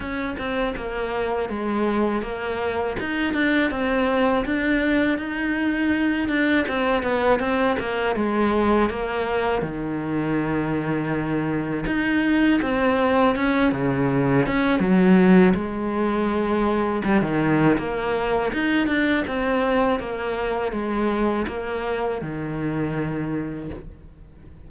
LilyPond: \new Staff \with { instrumentName = "cello" } { \time 4/4 \tempo 4 = 81 cis'8 c'8 ais4 gis4 ais4 | dis'8 d'8 c'4 d'4 dis'4~ | dis'8 d'8 c'8 b8 c'8 ais8 gis4 | ais4 dis2. |
dis'4 c'4 cis'8 cis4 cis'8 | fis4 gis2 g16 dis8. | ais4 dis'8 d'8 c'4 ais4 | gis4 ais4 dis2 | }